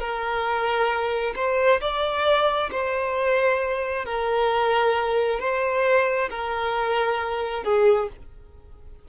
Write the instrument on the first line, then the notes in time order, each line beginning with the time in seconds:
violin
0.00 A#4
1.36 C5
1.81 D5
2.72 C5
4.05 A#4
5.40 C5
6.30 A#4
7.64 G#4